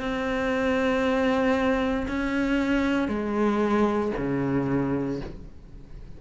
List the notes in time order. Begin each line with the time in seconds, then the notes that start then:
0.00 C4
2.07 C#4
3.08 G#3
4.17 C#3